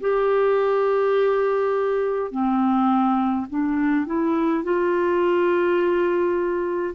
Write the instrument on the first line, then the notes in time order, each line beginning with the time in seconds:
clarinet
0.00 G4
2.31 C4
3.49 D4
4.05 E4
4.63 F4